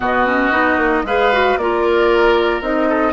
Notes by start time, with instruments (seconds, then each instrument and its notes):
0.00 bassoon B2, clarinet B3, oboe F#4, flute D#5
0.26 clarinet C#4
0.51 bassoon B3, clarinet D#4
0.77 bassoon A#3
1.03 bassoon G#3, clarinet G#4, oboe B4, flute F5
1.32 clarinet F#4
1.57 bassoon A#3, clarinet F4, oboe A#4, flute D5
2.61 bassoon C4, clarinet D#4, flute D#5
2.89 oboe A4